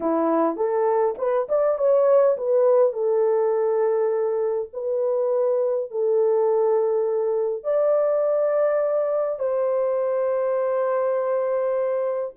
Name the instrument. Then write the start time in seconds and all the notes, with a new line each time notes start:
horn
0.00 E4
0.56 A4
1.18 B4
1.49 D5
1.78 C#5
2.37 B4
2.93 A4
4.73 B4
5.90 A4
7.63 D5
9.39 C5